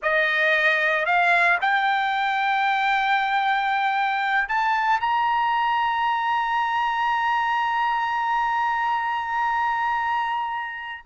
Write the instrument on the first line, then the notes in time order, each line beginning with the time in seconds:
trumpet
0.02 D#5
1.05 F5
1.61 G5
4.48 A5
5.00 A#5